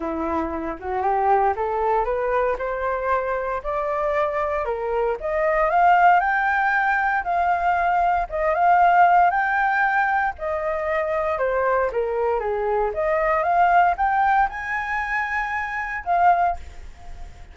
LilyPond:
\new Staff \with { instrumentName = "flute" } { \time 4/4 \tempo 4 = 116 e'4. fis'8 g'4 a'4 | b'4 c''2 d''4~ | d''4 ais'4 dis''4 f''4 | g''2 f''2 |
dis''8 f''4. g''2 | dis''2 c''4 ais'4 | gis'4 dis''4 f''4 g''4 | gis''2. f''4 | }